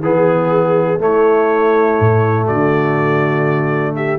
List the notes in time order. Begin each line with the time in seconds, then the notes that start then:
0.00 E3 B3 G#4
0.98 A3 E4 C#5
2.00 A2
2.45 D3 F#4 D5
3.96 G4 E5